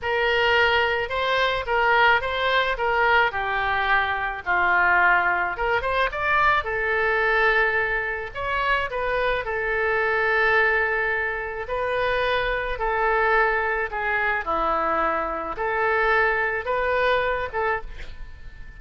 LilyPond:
\new Staff \with { instrumentName = "oboe" } { \time 4/4 \tempo 4 = 108 ais'2 c''4 ais'4 | c''4 ais'4 g'2 | f'2 ais'8 c''8 d''4 | a'2. cis''4 |
b'4 a'2.~ | a'4 b'2 a'4~ | a'4 gis'4 e'2 | a'2 b'4. a'8 | }